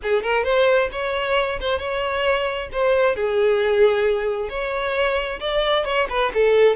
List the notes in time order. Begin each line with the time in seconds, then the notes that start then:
0.02 G#4
0.22 A#4
0.44 C5
0.92 C#5
1.60 C5
1.78 C#5
2.72 C5
3.15 G#4
4.49 C#5
5.40 D5
5.84 C#5
6.09 B4
6.34 A4